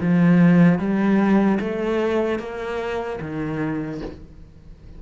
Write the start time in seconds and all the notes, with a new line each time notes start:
0.00 F3
0.79 G3
1.60 A3
2.39 A#3
3.21 D#3